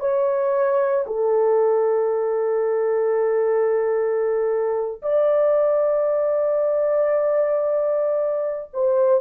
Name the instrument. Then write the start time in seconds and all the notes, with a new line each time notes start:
horn
0.00 C#5
1.07 A4
5.02 D5
8.74 C5